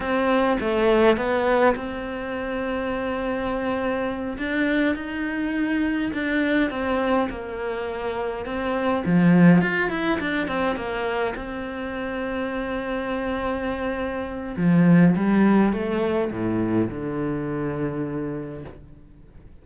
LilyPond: \new Staff \with { instrumentName = "cello" } { \time 4/4 \tempo 4 = 103 c'4 a4 b4 c'4~ | c'2.~ c'8 d'8~ | d'8 dis'2 d'4 c'8~ | c'8 ais2 c'4 f8~ |
f8 f'8 e'8 d'8 c'8 ais4 c'8~ | c'1~ | c'4 f4 g4 a4 | a,4 d2. | }